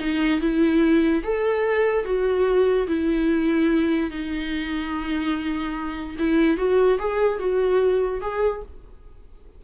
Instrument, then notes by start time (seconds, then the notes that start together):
viola
0.00 D#4
0.41 E4
1.24 A4
2.05 F#4
2.88 E4
4.11 D#4
6.19 E4
6.58 F#4
6.99 G#4
7.39 F#4
8.22 G#4